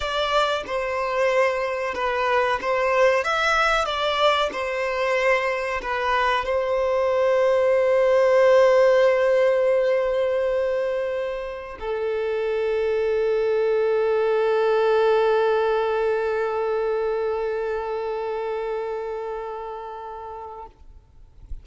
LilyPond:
\new Staff \with { instrumentName = "violin" } { \time 4/4 \tempo 4 = 93 d''4 c''2 b'4 | c''4 e''4 d''4 c''4~ | c''4 b'4 c''2~ | c''1~ |
c''2~ c''16 a'4.~ a'16~ | a'1~ | a'1~ | a'1 | }